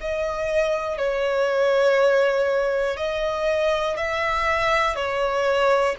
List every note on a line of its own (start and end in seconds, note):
0.00 0.97 D#5
0.97 2.97 C#5
2.97 3.97 D#5
3.97 4.95 E5
4.95 5.95 C#5